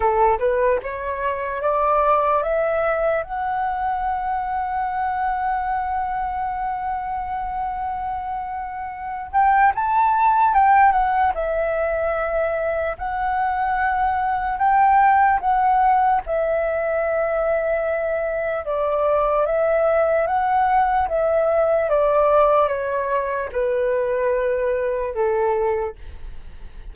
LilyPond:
\new Staff \with { instrumentName = "flute" } { \time 4/4 \tempo 4 = 74 a'8 b'8 cis''4 d''4 e''4 | fis''1~ | fis''2.~ fis''8 g''8 | a''4 g''8 fis''8 e''2 |
fis''2 g''4 fis''4 | e''2. d''4 | e''4 fis''4 e''4 d''4 | cis''4 b'2 a'4 | }